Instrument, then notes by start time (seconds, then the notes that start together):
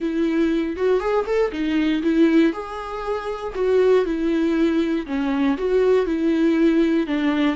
viola
0.00 E4
0.76 F#4
1.00 G#4
1.25 A4
1.52 D#4
2.02 E4
2.53 G#4
3.54 F#4
4.05 E4
5.06 C#4
5.57 F#4
6.05 E4
7.07 D4